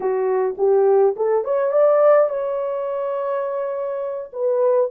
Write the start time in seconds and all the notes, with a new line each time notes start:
0.00 F#4
0.57 G4
1.16 A4
1.44 C#5
1.72 D5
2.29 C#5
4.32 B4